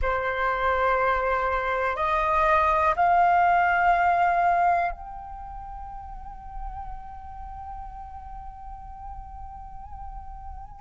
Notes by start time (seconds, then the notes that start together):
0.02 C5
1.95 D#5
2.96 F5
4.91 G5